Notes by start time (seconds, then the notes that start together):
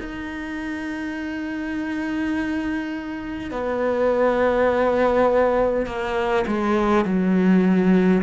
0.00 D#4
3.51 B3
5.87 A#3
6.48 G#3
7.05 F#3